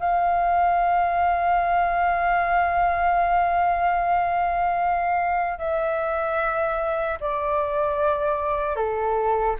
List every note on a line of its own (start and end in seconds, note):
0.00 5.59 F5
5.59 7.19 E5
7.21 8.76 D5
8.76 9.56 A4